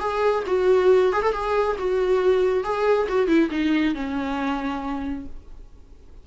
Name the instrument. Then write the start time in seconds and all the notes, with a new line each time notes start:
viola
0.00 G#4
0.47 F#4
1.13 G#4
1.22 A4
1.33 G#4
1.79 F#4
2.64 G#4
3.09 F#4
3.28 E4
3.51 D#4
3.95 C#4